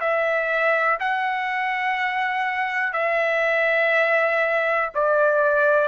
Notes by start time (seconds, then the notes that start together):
0.00 E5
1.00 F#5
2.93 E5
4.94 D5